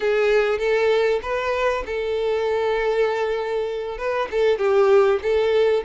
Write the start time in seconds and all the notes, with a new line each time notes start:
0.00 G#4
0.58 A4
1.22 B4
1.86 A4
3.97 B4
4.31 A4
4.58 G4
5.22 A4